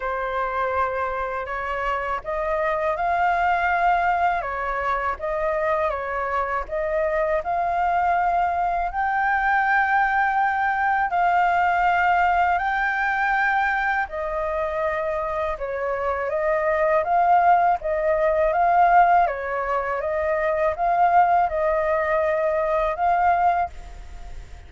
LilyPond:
\new Staff \with { instrumentName = "flute" } { \time 4/4 \tempo 4 = 81 c''2 cis''4 dis''4 | f''2 cis''4 dis''4 | cis''4 dis''4 f''2 | g''2. f''4~ |
f''4 g''2 dis''4~ | dis''4 cis''4 dis''4 f''4 | dis''4 f''4 cis''4 dis''4 | f''4 dis''2 f''4 | }